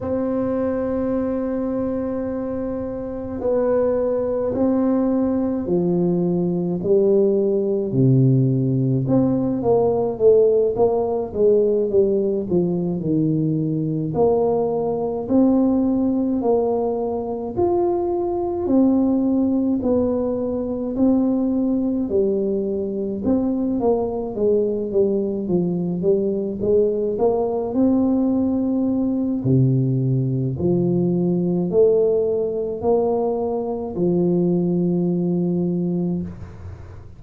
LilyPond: \new Staff \with { instrumentName = "tuba" } { \time 4/4 \tempo 4 = 53 c'2. b4 | c'4 f4 g4 c4 | c'8 ais8 a8 ais8 gis8 g8 f8 dis8~ | dis8 ais4 c'4 ais4 f'8~ |
f'8 c'4 b4 c'4 g8~ | g8 c'8 ais8 gis8 g8 f8 g8 gis8 | ais8 c'4. c4 f4 | a4 ais4 f2 | }